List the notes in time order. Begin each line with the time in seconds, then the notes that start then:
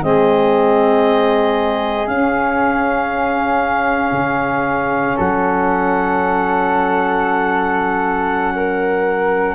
0.00 G#3 C4 D#5
0.06 G#4
2.07 C#4 F5
4.12 C#3
5.17 F#3 A4 F#5
8.56 A#4